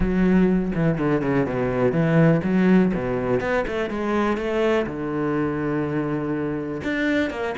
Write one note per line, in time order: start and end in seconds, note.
0.00 0.72 F#3
0.74 0.98 E3
0.98 1.21 D3
1.21 1.45 C#3
1.45 1.92 B2
1.92 2.41 E3
2.43 2.92 F#3
2.94 3.40 B2
3.40 3.64 B3
3.67 3.90 A3
3.90 4.37 G#3
4.37 4.86 A3
4.86 6.81 D3
6.83 7.30 D4
7.30 7.55 A#3